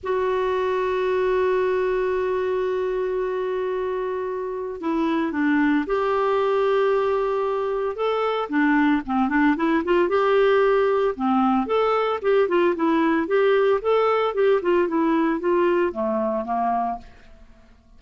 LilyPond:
\new Staff \with { instrumentName = "clarinet" } { \time 4/4 \tempo 4 = 113 fis'1~ | fis'1~ | fis'4 e'4 d'4 g'4~ | g'2. a'4 |
d'4 c'8 d'8 e'8 f'8 g'4~ | g'4 c'4 a'4 g'8 f'8 | e'4 g'4 a'4 g'8 f'8 | e'4 f'4 a4 ais4 | }